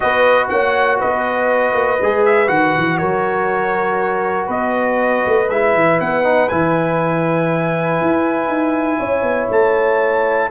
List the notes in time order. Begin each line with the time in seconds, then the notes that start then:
0.00 B3 F#4 B4 D#5
0.48 A#3 C#5 F#5
0.99 B3 B4 D#5
1.73 A#3
2.01 G#3 G#4
2.25 E5
2.46 D#3 F#4 F#5
2.78 E3
2.97 F#3 A#4 C#5
4.46 B3 B4 D#5
5.26 A3
5.49 G#3 E4 E5
5.74 E3
6.00 B3 F#5
6.23 D#4
6.49 E3 E4 G#5
8.01 E4
8.48 D#4
8.99 C#4 C#5
9.22 B3
9.50 A3 A5